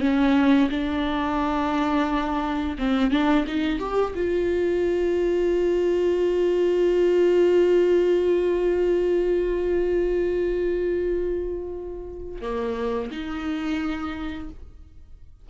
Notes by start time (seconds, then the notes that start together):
0.00 C#4
0.70 D4
2.78 C4
3.11 D4
3.47 D#4
3.79 G4
4.15 F4
12.41 A#3
13.11 D#4